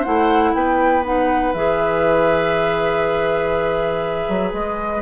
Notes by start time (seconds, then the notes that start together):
0.00 E4 C5 F#5
0.06 A3
0.54 B3 B4 G5
1.04 D#4 F#5
1.53 E3 G#4 E5
4.28 F#3
4.52 G#3 D#5